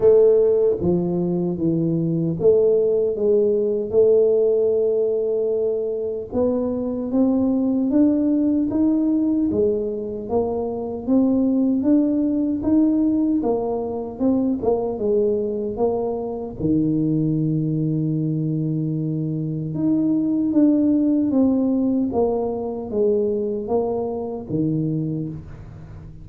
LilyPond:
\new Staff \with { instrumentName = "tuba" } { \time 4/4 \tempo 4 = 76 a4 f4 e4 a4 | gis4 a2. | b4 c'4 d'4 dis'4 | gis4 ais4 c'4 d'4 |
dis'4 ais4 c'8 ais8 gis4 | ais4 dis2.~ | dis4 dis'4 d'4 c'4 | ais4 gis4 ais4 dis4 | }